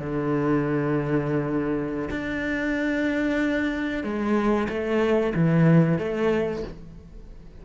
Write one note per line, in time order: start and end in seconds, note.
0.00 2.10 D3
2.11 4.04 D4
4.04 4.69 G#3
4.69 5.34 A3
5.35 5.99 E3
5.99 6.63 A3